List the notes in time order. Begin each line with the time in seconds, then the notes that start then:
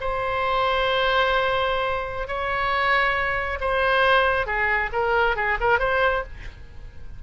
0.00 C5
2.27 C#5
3.60 C5
4.46 G#4
4.92 A#4
5.36 G#4
5.60 A#4
5.79 C5